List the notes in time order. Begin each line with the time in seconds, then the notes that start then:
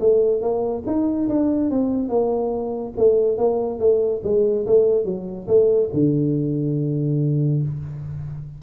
0.00 A3
0.41 A#3
0.86 D#4
1.29 D4
1.71 C4
2.09 A#3
2.97 A3
3.38 A#3
3.79 A3
4.24 G#3
4.66 A3
5.05 F#3
5.48 A3
5.93 D3